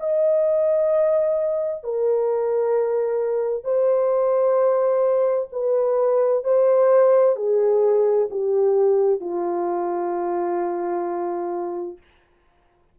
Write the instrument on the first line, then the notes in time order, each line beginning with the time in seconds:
horn
0.00 D#5
1.84 A#4
3.64 C5
5.53 B4
6.44 C5
7.37 G#4
8.31 G4
9.21 F4